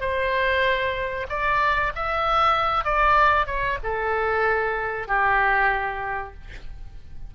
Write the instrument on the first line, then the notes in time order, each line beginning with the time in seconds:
oboe
0.00 C5
1.29 D5
1.95 E5
2.84 D5
3.46 C#5
3.83 A4
5.08 G4